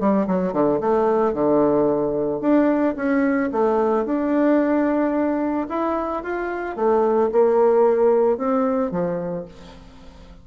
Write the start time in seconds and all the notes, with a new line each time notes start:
0.00 G3
0.27 F#3
0.53 D3
0.81 A3
1.34 D3
2.41 D4
2.96 C#4
3.52 A3
4.05 D4
5.69 E4
6.23 F4
6.76 A3
7.32 A#3
8.38 C4
8.91 F3